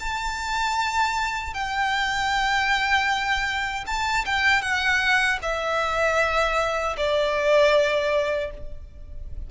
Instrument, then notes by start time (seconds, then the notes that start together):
violin
0.00 A5
1.53 G5
3.87 A5
4.26 G5
4.62 F#5
5.42 E5
6.97 D5